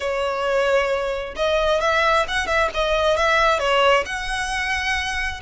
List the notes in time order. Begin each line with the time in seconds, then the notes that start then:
0.00 C#5
1.36 D#5
1.80 E5
2.28 F#5
2.46 E5
2.74 D#5
3.16 E5
3.59 C#5
4.05 F#5